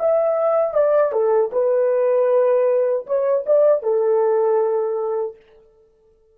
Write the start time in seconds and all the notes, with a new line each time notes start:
0.00 E5
0.74 D5
1.13 A4
1.53 B4
3.07 C#5
3.47 D5
3.83 A4